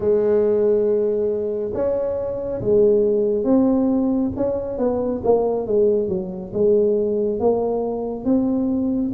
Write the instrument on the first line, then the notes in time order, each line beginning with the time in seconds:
tuba
0.00 G#3
1.74 C#4
2.61 G#3
3.43 C4
4.36 C#4
4.77 B3
5.24 A#3
5.66 G#3
6.08 F#3
6.53 G#3
7.39 A#3
8.24 C4